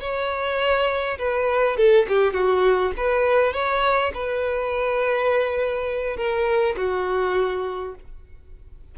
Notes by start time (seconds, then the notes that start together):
0.00 C#5
1.18 B4
1.76 A4
2.08 G4
2.33 F#4
2.97 B4
3.53 C#5
4.14 B4
6.16 A#4
6.77 F#4